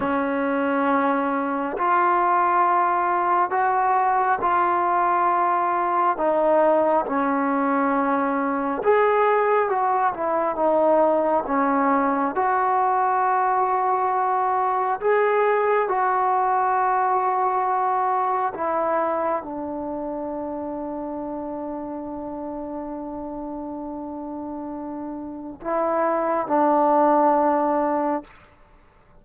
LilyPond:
\new Staff \with { instrumentName = "trombone" } { \time 4/4 \tempo 4 = 68 cis'2 f'2 | fis'4 f'2 dis'4 | cis'2 gis'4 fis'8 e'8 | dis'4 cis'4 fis'2~ |
fis'4 gis'4 fis'2~ | fis'4 e'4 d'2~ | d'1~ | d'4 e'4 d'2 | }